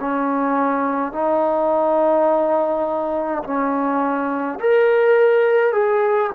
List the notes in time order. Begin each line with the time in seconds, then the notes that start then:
0.00 C#4
1.12 D#4
3.44 C#4
4.60 A#4
5.73 G#4